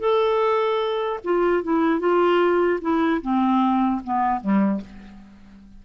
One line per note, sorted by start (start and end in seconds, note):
0.00 1.20 A4
1.24 1.63 F4
1.63 2.00 E4
2.00 2.80 F4
2.81 3.21 E4
3.22 4.02 C4
4.05 4.41 B3
4.41 4.81 G3